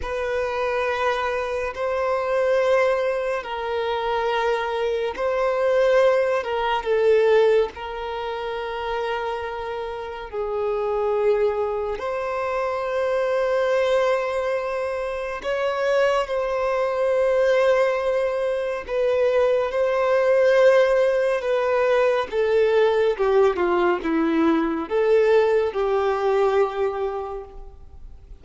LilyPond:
\new Staff \with { instrumentName = "violin" } { \time 4/4 \tempo 4 = 70 b'2 c''2 | ais'2 c''4. ais'8 | a'4 ais'2. | gis'2 c''2~ |
c''2 cis''4 c''4~ | c''2 b'4 c''4~ | c''4 b'4 a'4 g'8 f'8 | e'4 a'4 g'2 | }